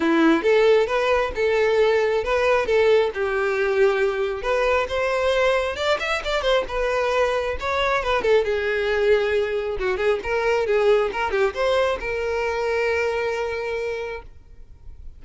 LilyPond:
\new Staff \with { instrumentName = "violin" } { \time 4/4 \tempo 4 = 135 e'4 a'4 b'4 a'4~ | a'4 b'4 a'4 g'4~ | g'2 b'4 c''4~ | c''4 d''8 e''8 d''8 c''8 b'4~ |
b'4 cis''4 b'8 a'8 gis'4~ | gis'2 fis'8 gis'8 ais'4 | gis'4 ais'8 g'8 c''4 ais'4~ | ais'1 | }